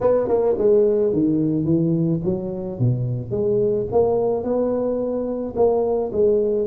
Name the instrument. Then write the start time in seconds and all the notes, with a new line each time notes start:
tuba
0.01 B3
0.28 A#3
0.58 G#3
1.12 D#3
1.65 E3
2.24 F#3
2.79 B2
3.31 G#3
3.91 A#3
4.43 B3
5.56 A#3
6.12 G#3